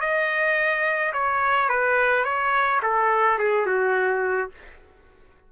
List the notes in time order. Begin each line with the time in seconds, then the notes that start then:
0.00 D#5
1.12 C#5
1.68 B4
2.24 C#5
2.82 A4
3.38 G#4
3.66 F#4